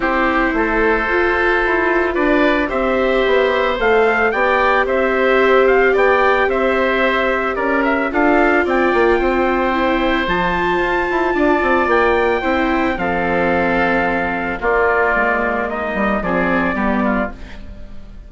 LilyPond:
<<
  \new Staff \with { instrumentName = "trumpet" } { \time 4/4 \tempo 4 = 111 c''1 | d''4 e''2 f''4 | g''4 e''4. f''8 g''4 | e''2 d''8 e''8 f''4 |
g''2. a''4~ | a''2 g''2 | f''2. d''4~ | d''4 dis''4 d''2 | }
  \new Staff \with { instrumentName = "oboe" } { \time 4/4 g'4 a'2. | b'4 c''2. | d''4 c''2 d''4 | c''2 ais'4 a'4 |
d''4 c''2.~ | c''4 d''2 c''4 | a'2. f'4~ | f'4 dis'4 gis'4 g'8 f'8 | }
  \new Staff \with { instrumentName = "viola" } { \time 4/4 e'2 f'2~ | f'4 g'2 a'4 | g'1~ | g'2. f'4~ |
f'2 e'4 f'4~ | f'2. e'4 | c'2. ais4~ | ais2 c'4 b4 | }
  \new Staff \with { instrumentName = "bassoon" } { \time 4/4 c'4 a4 f'4 e'4 | d'4 c'4 b4 a4 | b4 c'2 b4 | c'2 cis'4 d'4 |
c'8 ais8 c'2 f4 | f'8 e'8 d'8 c'8 ais4 c'4 | f2. ais4 | gis4. g8 f4 g4 | }
>>